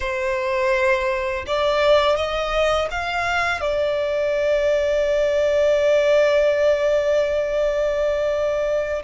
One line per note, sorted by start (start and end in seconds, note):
0.00 1.45 C5
1.46 2.16 D5
2.16 2.88 D#5
2.90 3.60 F5
3.60 9.03 D5